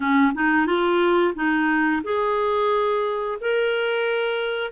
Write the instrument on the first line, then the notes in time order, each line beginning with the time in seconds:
clarinet
0.00 C#4
0.34 D#4
0.66 F4
1.34 D#4
2.03 G#4
3.40 A#4